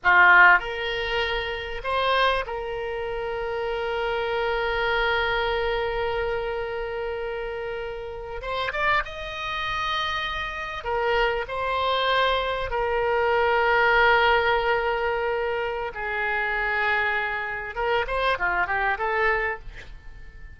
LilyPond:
\new Staff \with { instrumentName = "oboe" } { \time 4/4 \tempo 4 = 98 f'4 ais'2 c''4 | ais'1~ | ais'1~ | ais'4.~ ais'16 c''8 d''8 dis''4~ dis''16~ |
dis''4.~ dis''16 ais'4 c''4~ c''16~ | c''8. ais'2.~ ais'16~ | ais'2 gis'2~ | gis'4 ais'8 c''8 f'8 g'8 a'4 | }